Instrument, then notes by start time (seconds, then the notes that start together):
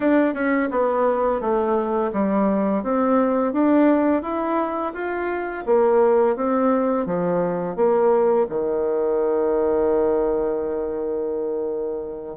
bassoon
0.00 D4
0.33 C#4
0.71 B3
1.40 A3
2.12 G3
2.83 C4
3.53 D4
4.22 E4
4.93 F4
5.65 A#3
6.36 C4
7.06 F3
7.76 A#3
8.49 D#3